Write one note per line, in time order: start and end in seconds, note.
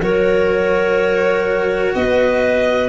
0.00 1.94 F#3
0.00 2.89 F#4
0.00 1.94 A#4
0.00 1.95 C#5
1.94 2.89 B3
1.94 2.89 B4
1.94 2.89 D#5